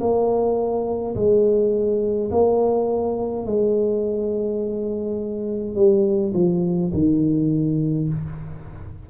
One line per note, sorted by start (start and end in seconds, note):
0.00 1.15 A#3
1.15 2.31 G#3
2.31 3.46 A#3
3.46 5.75 G#3
5.75 6.33 G3
6.34 6.92 F3
6.93 8.09 D#3